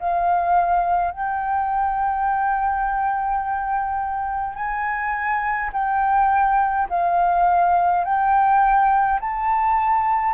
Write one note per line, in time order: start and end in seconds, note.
0.00 1.12 F5
1.12 4.55 G5
4.55 5.71 G#5
5.73 6.89 G5
6.89 8.05 F5
8.05 9.20 G5
9.20 10.34 A5